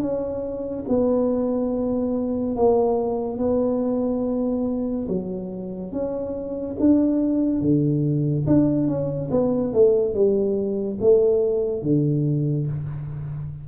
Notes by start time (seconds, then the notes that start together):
0.00 C#4
0.88 B3
2.56 A#3
3.38 B3
5.08 F#3
5.92 C#4
6.79 D4
7.61 D3
8.46 D4
8.87 C#4
9.31 B3
9.73 A3
10.14 G3
11.01 A3
11.82 D3